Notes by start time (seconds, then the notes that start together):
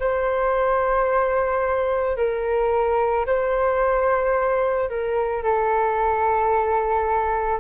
0.00 C5
2.17 A#4
3.26 C5
4.90 A#4
5.44 A4